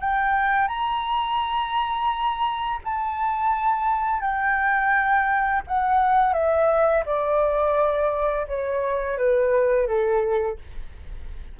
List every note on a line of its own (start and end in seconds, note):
0.00 0.67 G5
0.67 2.79 A#5
2.84 4.20 A5
4.20 5.61 G5
5.67 6.33 F#5
6.33 7.03 E5
7.05 8.46 D5
8.47 9.17 C#5
9.17 9.87 B4
9.87 10.58 A4